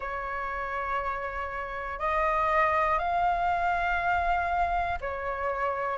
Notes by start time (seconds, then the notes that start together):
0.00 C#5
1.99 D#5
2.99 F5
5.00 C#5